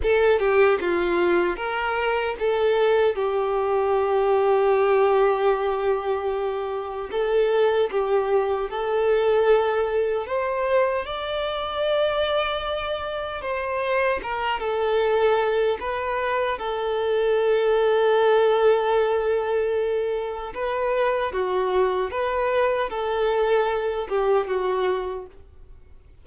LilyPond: \new Staff \with { instrumentName = "violin" } { \time 4/4 \tempo 4 = 76 a'8 g'8 f'4 ais'4 a'4 | g'1~ | g'4 a'4 g'4 a'4~ | a'4 c''4 d''2~ |
d''4 c''4 ais'8 a'4. | b'4 a'2.~ | a'2 b'4 fis'4 | b'4 a'4. g'8 fis'4 | }